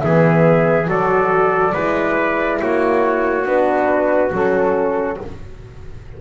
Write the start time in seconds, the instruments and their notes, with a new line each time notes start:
0.00 double bass E3, horn B3, trumpet G#4, flute E5
0.86 double bass F#3, horn F#4, trumpet A4, flute D5
1.74 double bass G#3, horn E4, trumpet B4
2.61 double bass A#3, trumpet F#4, flute C#5
3.45 double bass B3, horn D4, flute B4
4.32 double bass F#3, horn C#4, flute A4